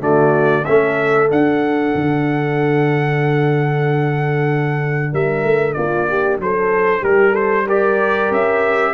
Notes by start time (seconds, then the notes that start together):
0.00 D3 A3 F#4 D5
0.65 A3 C#4 A4 E5
1.29 D4 F#5
1.95 D3
5.12 G3 A#4 E5
5.44 A3
5.73 A#3 F4 D5
6.09 G4
6.38 F#3 A4 C5
7.02 G3 G4 A#4
7.32 A4 C5
7.66 G4 A#4 D5
8.31 C#4 E5